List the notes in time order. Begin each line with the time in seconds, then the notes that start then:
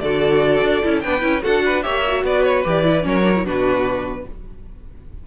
0.00 D3 F#4 A4 D5
0.61 D4
0.83 C#4 E4
1.00 B3 D4 B4 G5
1.20 C#4 E4
1.41 D4 F#4 A4 F#5
1.65 B4
1.82 A#3 G4 C#5 E5
2.07 F#4
2.23 B3 B4 D5
2.43 C#5
2.64 E3 G4 D5
2.84 E4
3.02 F#3 C#4 A#4 C#5
3.23 D4
3.35 E4
3.43 B2 D4 F#4 B4